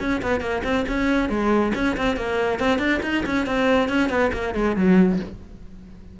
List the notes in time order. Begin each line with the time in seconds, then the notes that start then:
0.00 C#4
0.23 B3
0.41 A#3
0.64 C4
0.89 C#4
1.30 G#3
1.75 C#4
1.97 C4
2.17 A#3
2.60 C4
2.79 D4
3.03 D#4
3.26 C#4
3.46 C4
3.89 C#4
4.10 B3
4.33 A#3
4.55 G#3
4.76 F#3